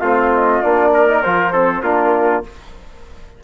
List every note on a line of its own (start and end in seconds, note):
0.00 0.62 A3
0.00 0.63 C4
0.00 0.92 F4
0.00 0.30 F5
0.34 0.62 D#5
0.62 1.25 A#3
0.62 1.08 D4
0.62 1.22 D5
0.94 1.53 A#4
1.08 1.23 D#4
1.22 1.82 F3
1.22 1.54 F4
1.22 1.82 C5
1.53 1.83 C4
1.53 1.83 A4
1.82 2.43 A#3
1.82 2.44 D4
1.82 2.44 F4
1.82 2.43 A#4